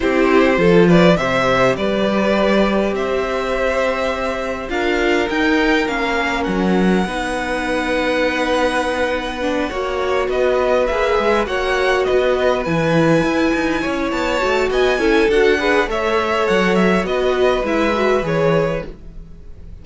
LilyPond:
<<
  \new Staff \with { instrumentName = "violin" } { \time 4/4 \tempo 4 = 102 c''4. d''8 e''4 d''4~ | d''4 e''2. | f''4 g''4 f''4 fis''4~ | fis''1~ |
fis''4. dis''4 e''4 fis''8~ | fis''8 dis''4 gis''2~ gis''8 | a''4 gis''4 fis''4 e''4 | fis''8 e''8 dis''4 e''4 cis''4 | }
  \new Staff \with { instrumentName = "violin" } { \time 4/4 g'4 a'8 b'8 c''4 b'4~ | b'4 c''2. | ais'1 | b'1~ |
b'8 cis''4 b'2 cis''8~ | cis''8 b'2. cis''8~ | cis''4 dis''8 a'4 b'8 cis''4~ | cis''4 b'2. | }
  \new Staff \with { instrumentName = "viola" } { \time 4/4 e'4 f'4 g'2~ | g'1 | f'4 dis'4 cis'2 | dis'1 |
d'8 fis'2 gis'4 fis'8~ | fis'4. e'2~ e'8~ | e'8 fis'4 e'8 fis'8 gis'8 a'4~ | a'4 fis'4 e'8 fis'8 gis'4 | }
  \new Staff \with { instrumentName = "cello" } { \time 4/4 c'4 f4 c4 g4~ | g4 c'2. | d'4 dis'4 ais4 fis4 | b1~ |
b8 ais4 b4 ais8 gis8 ais8~ | ais8 b4 e4 e'8 dis'8 cis'8 | b8 a8 b8 cis'8 d'4 a4 | fis4 b4 gis4 e4 | }
>>